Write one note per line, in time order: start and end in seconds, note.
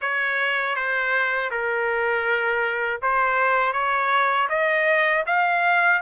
0.01 0.75 C#5
0.75 1.50 C5
1.50 3.00 A#4
3.02 3.73 C5
3.73 4.48 C#5
4.49 5.24 D#5
5.26 6.01 F5